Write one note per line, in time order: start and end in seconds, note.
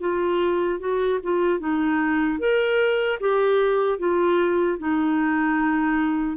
0.00 0.79 F4
0.79 1.19 F#4
1.23 1.59 F4
1.59 2.39 D#4
2.39 3.19 A#4
3.20 3.98 G4
3.98 4.78 F4
4.79 6.37 D#4